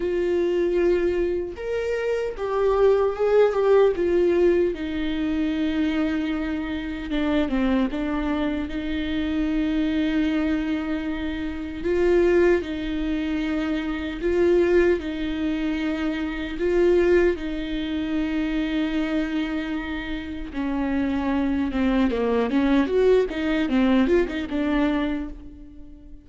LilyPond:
\new Staff \with { instrumentName = "viola" } { \time 4/4 \tempo 4 = 76 f'2 ais'4 g'4 | gis'8 g'8 f'4 dis'2~ | dis'4 d'8 c'8 d'4 dis'4~ | dis'2. f'4 |
dis'2 f'4 dis'4~ | dis'4 f'4 dis'2~ | dis'2 cis'4. c'8 | ais8 cis'8 fis'8 dis'8 c'8 f'16 dis'16 d'4 | }